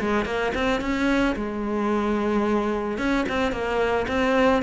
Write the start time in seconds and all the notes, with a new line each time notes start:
0.00 G#3
0.25 A#3
0.55 C4
0.81 C#4
1.35 G#3
2.98 C#4
3.29 C4
3.52 A#3
4.08 C4